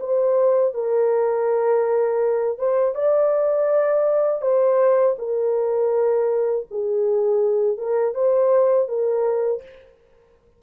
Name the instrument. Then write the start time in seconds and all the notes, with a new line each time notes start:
horn
0.00 C5
0.74 A#4
2.58 C5
2.95 D5
4.42 C5
5.18 A#4
6.70 G#4
7.77 A#4
8.14 C5
8.88 A#4